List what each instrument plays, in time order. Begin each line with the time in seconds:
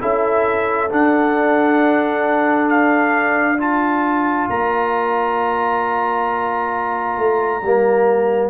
0.00 tuba C#4, trombone E4, horn A4, trumpet E5
0.90 trombone D4, tuba D4, trumpet F#5
2.70 trumpet F5
3.59 trombone F4, horn D5, trumpet A5
4.50 tuba A#3, trumpet A#5
7.18 tuba A3
7.63 tuba G3, trombone A#3